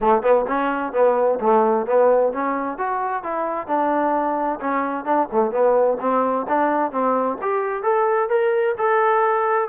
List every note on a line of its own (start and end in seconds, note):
0.00 0.22 A3
0.22 0.45 B3
0.47 0.93 C#4
0.93 1.39 B3
1.40 1.86 A3
1.86 2.32 B3
2.32 2.77 C#4
2.77 3.23 F#4
3.23 3.67 E4
3.67 4.59 D4
4.60 5.05 C#4
5.05 5.28 D4
5.32 5.51 A3
5.51 5.97 B3
6.00 6.46 C4
6.48 6.91 D4
6.91 7.37 C4
7.41 7.83 G4
7.83 8.29 A4
8.29 8.75 A#4
8.78 9.68 A4